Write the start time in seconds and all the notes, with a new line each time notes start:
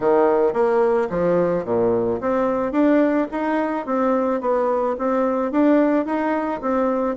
0.00 D#3
0.53 A#3
1.10 F3
1.65 A#2
2.20 C4
2.72 D4
3.31 D#4
3.85 C4
4.40 B3
4.98 C4
5.51 D4
6.05 D#4
6.61 C4